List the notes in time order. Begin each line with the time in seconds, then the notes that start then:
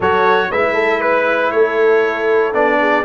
0.00 F#3 F#4 A4 C#5
0.50 G#3 E4 B4 E5
0.74 A4
0.99 B4
1.51 A3 A4 C#5
2.53 B3 D4 D5
2.80 G#4